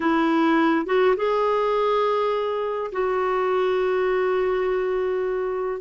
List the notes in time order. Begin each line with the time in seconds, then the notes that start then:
0.00 E4
0.86 F#4
1.16 G#4
2.92 F#4